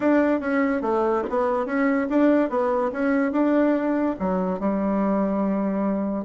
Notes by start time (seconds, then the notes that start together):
0.00 D4
0.40 C#4
0.81 A3
1.29 B3
1.66 C#4
2.09 D4
2.49 B3
2.92 C#4
3.32 D4
4.19 F#3
4.59 G3